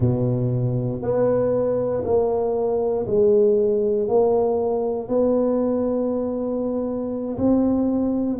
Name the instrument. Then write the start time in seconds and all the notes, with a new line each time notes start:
tuba
0.00 B2
1.02 B3
2.04 A#3
3.06 G#3
4.08 A#3
5.08 B3
7.37 C4